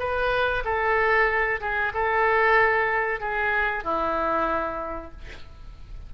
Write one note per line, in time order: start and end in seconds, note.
0.00 0.64 B4
0.65 1.61 A4
1.61 1.93 G#4
1.94 3.21 A4
3.21 3.84 G#4
3.84 5.12 E4